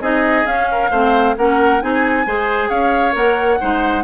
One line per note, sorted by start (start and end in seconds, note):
0.00 0.45 C4
0.00 0.46 D#4
0.00 0.68 G#4
0.00 0.46 D#5
0.45 0.90 C#4
0.45 0.92 C#4
0.45 1.36 F5
0.71 0.90 A#4
0.90 1.36 A3
0.90 1.37 C4
0.90 1.35 C5
1.37 1.82 A#3
1.37 1.81 C#4
1.37 1.83 A#4
1.37 1.81 F#5
1.81 2.26 C4
1.81 2.26 D#4
1.81 2.27 G#4
1.81 2.69 G#5
2.26 2.70 G#3
2.26 3.12 G#4
2.26 2.69 C5
2.69 3.15 C#4
2.69 3.59 C#5
2.69 3.14 F5
3.12 3.59 A#3
3.12 3.57 A#4
3.12 4.04 F#5
3.60 4.04 G#3
3.60 4.04 D#4
3.60 4.04 C5